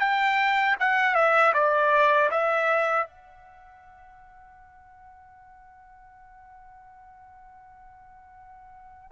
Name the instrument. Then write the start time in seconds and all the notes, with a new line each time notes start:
trumpet
0.00 G5
0.80 F#5
1.15 E5
1.54 D5
2.31 E5
3.07 F#5